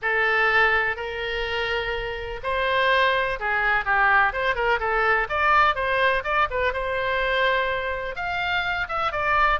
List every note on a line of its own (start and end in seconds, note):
0.02 0.96 A4
0.96 2.40 A#4
2.43 3.39 C5
3.39 3.84 G#4
3.84 4.32 G4
4.32 4.55 C5
4.55 4.79 A#4
4.79 5.27 A4
5.29 5.75 D5
5.75 6.23 C5
6.24 6.48 D5
6.50 6.73 B4
6.73 8.15 C5
8.15 8.87 F5
8.88 9.12 E5
9.12 9.60 D5